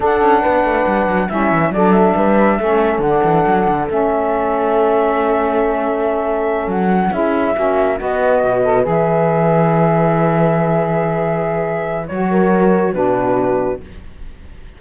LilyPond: <<
  \new Staff \with { instrumentName = "flute" } { \time 4/4 \tempo 4 = 139 fis''2. e''4 | d''8 e''2~ e''8 fis''4~ | fis''4 e''2.~ | e''2.~ e''8 fis''8~ |
fis''8 e''2 dis''4.~ | dis''8 e''2.~ e''8~ | e''1 | cis''2 b'2 | }
  \new Staff \with { instrumentName = "horn" } { \time 4/4 a'4 b'2 e'4 | a'4 b'4 a'2~ | a'1~ | a'1~ |
a'8 gis'4 fis'4 b'4.~ | b'1~ | b'1~ | b'8 ais'4. fis'2 | }
  \new Staff \with { instrumentName = "saxophone" } { \time 4/4 d'2. cis'4 | d'2 cis'4 d'4~ | d'4 cis'2.~ | cis'1~ |
cis'8 e'4 cis'4 fis'4. | a'8 gis'2.~ gis'8~ | gis'1 | fis'2 d'2 | }
  \new Staff \with { instrumentName = "cello" } { \time 4/4 d'8 cis'8 b8 a8 g8 fis8 g8 e8 | fis4 g4 a4 d8 e8 | fis8 d8 a2.~ | a2.~ a8 fis8~ |
fis8 cis'4 ais4 b4 b,8~ | b,8 e2.~ e8~ | e1 | fis2 b,2 | }
>>